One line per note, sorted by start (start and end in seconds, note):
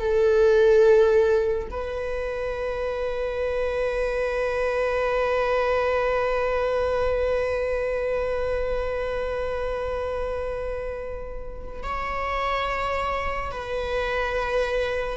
0.00 1.69 A4
1.71 11.83 B4
11.83 13.52 C#5
13.52 15.18 B4